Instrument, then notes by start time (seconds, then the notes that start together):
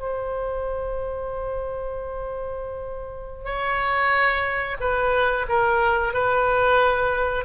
oboe
0.00 C5
3.45 C#5
4.81 B4
5.49 A#4
6.14 B4